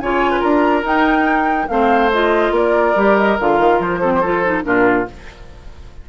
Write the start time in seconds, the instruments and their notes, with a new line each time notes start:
0.00 bassoon C#3, clarinet F4, oboe C#5, flute G#5
0.31 oboe B4
0.40 bassoon D4, oboe A#4, flute A#5
0.84 bassoon D#4, clarinet D#4, flute G5
1.68 bassoon A3, clarinet C4, oboe C5, flute F5
2.13 clarinet F4, flute D#5
2.51 bassoon A#3, oboe A#4, flute D5
2.96 bassoon G3, clarinet G4
3.17 flute D#5
3.40 bassoon D3, clarinet F4, flute F5
3.59 bassoon D#3
3.79 bassoon F3, flute C5
4.01 clarinet C4, oboe A4
4.15 oboe G4 A4
4.24 clarinet F4
4.44 clarinet D#4
4.63 bassoon A#2, clarinet D4, oboe F4, flute A#4